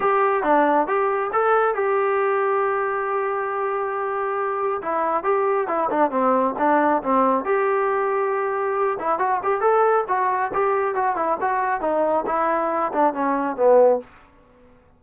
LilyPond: \new Staff \with { instrumentName = "trombone" } { \time 4/4 \tempo 4 = 137 g'4 d'4 g'4 a'4 | g'1~ | g'2. e'4 | g'4 e'8 d'8 c'4 d'4 |
c'4 g'2.~ | g'8 e'8 fis'8 g'8 a'4 fis'4 | g'4 fis'8 e'8 fis'4 dis'4 | e'4. d'8 cis'4 b4 | }